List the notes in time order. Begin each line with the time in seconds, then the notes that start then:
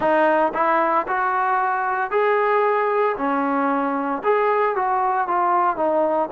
0.00 D#4
0.54 E4
1.07 F#4
2.11 G#4
3.17 C#4
4.23 G#4
4.75 F#4
5.27 F4
5.76 D#4